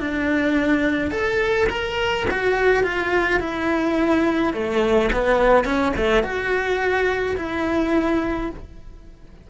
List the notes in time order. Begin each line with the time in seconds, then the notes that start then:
0.00 D4
1.11 A4
1.69 A#4
2.31 F#4
2.84 F4
3.40 E4
4.53 A3
5.13 B3
5.64 C#4
5.97 A3
6.23 F#4
7.37 E4